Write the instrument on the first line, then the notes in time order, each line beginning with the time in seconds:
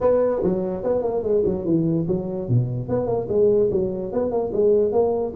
tuba
0.00 B3
0.43 F#3
0.83 B3
1.02 A#3
1.22 G#3
1.45 F#3
1.65 E3
2.07 F#3
2.48 B2
2.88 B3
3.06 A#3
3.28 G#3
3.71 F#3
4.12 B3
4.31 A#3
4.52 G#3
4.92 A#3